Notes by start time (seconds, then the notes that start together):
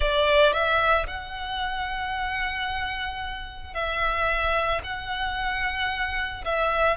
0.00 D5
0.52 E5
1.06 F#5
3.74 E5
4.83 F#5
6.44 E5